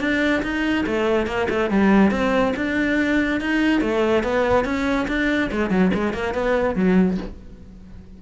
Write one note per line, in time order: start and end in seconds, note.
0.00 0.42 D4
0.43 0.85 D#4
0.86 1.27 A3
1.27 1.48 A#3
1.50 1.70 A3
1.70 2.11 G3
2.11 2.54 C4
2.56 3.41 D4
3.41 3.81 D#4
3.81 4.23 A3
4.24 4.65 B3
4.65 5.07 C#4
5.08 5.50 D4
5.52 5.70 G#3
5.70 5.91 F#3
5.94 6.13 G#3
6.13 6.34 A#3
6.34 6.75 B3
6.75 7.18 F#3